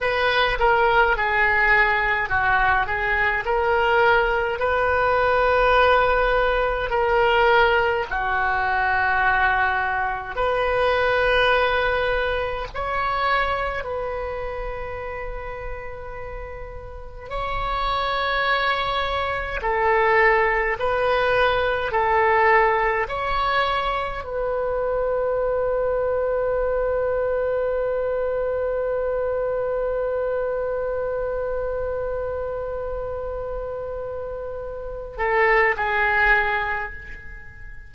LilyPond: \new Staff \with { instrumentName = "oboe" } { \time 4/4 \tempo 4 = 52 b'8 ais'8 gis'4 fis'8 gis'8 ais'4 | b'2 ais'4 fis'4~ | fis'4 b'2 cis''4 | b'2. cis''4~ |
cis''4 a'4 b'4 a'4 | cis''4 b'2.~ | b'1~ | b'2~ b'8 a'8 gis'4 | }